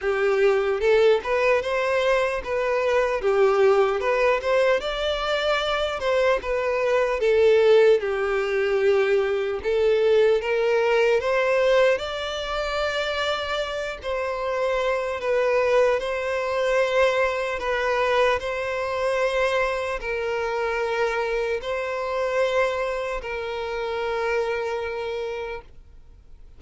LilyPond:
\new Staff \with { instrumentName = "violin" } { \time 4/4 \tempo 4 = 75 g'4 a'8 b'8 c''4 b'4 | g'4 b'8 c''8 d''4. c''8 | b'4 a'4 g'2 | a'4 ais'4 c''4 d''4~ |
d''4. c''4. b'4 | c''2 b'4 c''4~ | c''4 ais'2 c''4~ | c''4 ais'2. | }